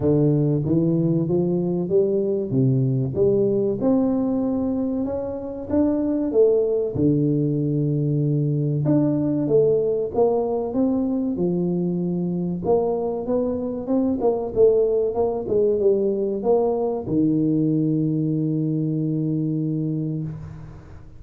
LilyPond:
\new Staff \with { instrumentName = "tuba" } { \time 4/4 \tempo 4 = 95 d4 e4 f4 g4 | c4 g4 c'2 | cis'4 d'4 a4 d4~ | d2 d'4 a4 |
ais4 c'4 f2 | ais4 b4 c'8 ais8 a4 | ais8 gis8 g4 ais4 dis4~ | dis1 | }